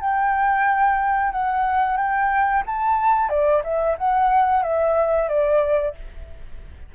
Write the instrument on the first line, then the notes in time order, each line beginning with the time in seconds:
flute
0.00 G5
1.32 F#5
1.97 G5
2.66 A5
3.29 D5
3.64 E5
3.98 F#5
4.63 E5
5.29 D5